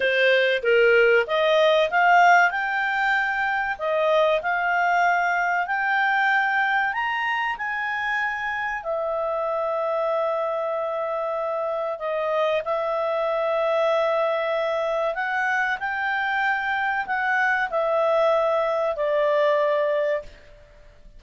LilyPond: \new Staff \with { instrumentName = "clarinet" } { \time 4/4 \tempo 4 = 95 c''4 ais'4 dis''4 f''4 | g''2 dis''4 f''4~ | f''4 g''2 ais''4 | gis''2 e''2~ |
e''2. dis''4 | e''1 | fis''4 g''2 fis''4 | e''2 d''2 | }